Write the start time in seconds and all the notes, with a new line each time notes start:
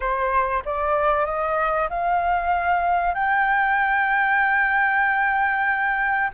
0.00 C5
0.65 D5
1.25 D#5
1.89 F5
3.14 G5